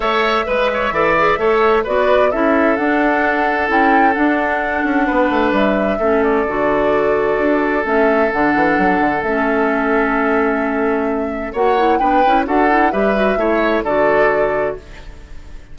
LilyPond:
<<
  \new Staff \with { instrumentName = "flute" } { \time 4/4 \tempo 4 = 130 e''1 | d''4 e''4 fis''2 | g''4 fis''2. | e''4. d''2~ d''8~ |
d''4 e''4 fis''2 | e''1~ | e''4 fis''4 g''4 fis''4 | e''2 d''2 | }
  \new Staff \with { instrumentName = "oboe" } { \time 4/4 cis''4 b'8 cis''8 d''4 cis''4 | b'4 a'2.~ | a'2. b'4~ | b'4 a'2.~ |
a'1~ | a'1~ | a'4 cis''4 b'4 a'4 | b'4 cis''4 a'2 | }
  \new Staff \with { instrumentName = "clarinet" } { \time 4/4 a'4 b'4 a'8 gis'8 a'4 | fis'4 e'4 d'2 | e'4 d'2.~ | d'4 cis'4 fis'2~ |
fis'4 cis'4 d'2 | cis'1~ | cis'4 fis'8 e'8 d'8 e'8 fis'8 e'8 | g'8 fis'8 e'4 fis'2 | }
  \new Staff \with { instrumentName = "bassoon" } { \time 4/4 a4 gis4 e4 a4 | b4 cis'4 d'2 | cis'4 d'4. cis'8 b8 a8 | g4 a4 d2 |
d'4 a4 d8 e8 fis8 d8 | a1~ | a4 ais4 b8 cis'8 d'4 | g4 a4 d2 | }
>>